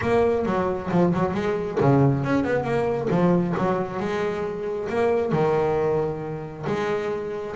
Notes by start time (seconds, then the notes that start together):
0.01 A#3
0.45 F#3
0.91 F3
1.14 F#3
1.34 G#3
1.80 C#3
2.24 C#4
2.44 B3
2.64 A#3
3.10 F3
3.57 F#3
3.99 G#3
4.89 A#3
5.32 D#3
6.66 G#3